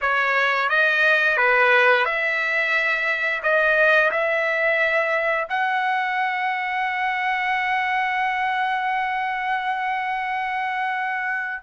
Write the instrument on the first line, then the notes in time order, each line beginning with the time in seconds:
trumpet
0.01 C#5
0.69 D#5
1.37 B4
2.05 E5
3.42 D#5
4.11 E5
5.49 F#5